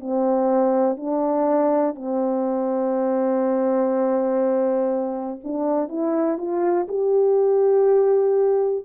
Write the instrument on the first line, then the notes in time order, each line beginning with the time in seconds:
horn
0.00 C4
0.97 D4
1.95 C4
5.44 D4
5.88 E4
6.38 F4
6.88 G4